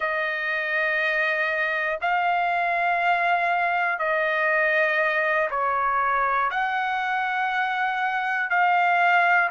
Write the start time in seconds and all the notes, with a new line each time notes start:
0.00 D#5
2.00 F5
3.98 D#5
5.50 C#5
6.50 F#5
8.50 F5